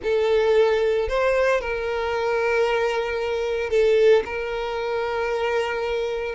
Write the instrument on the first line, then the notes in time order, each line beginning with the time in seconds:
violin
0.03 A4
1.08 C5
1.60 A#4
3.70 A4
4.25 A#4